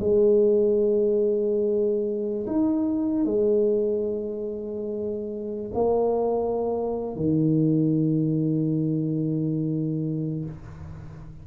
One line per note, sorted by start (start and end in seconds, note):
0.00 2.47 G#3
2.47 3.25 D#4
3.25 5.72 G#3
5.75 7.17 A#3
7.17 10.45 D#3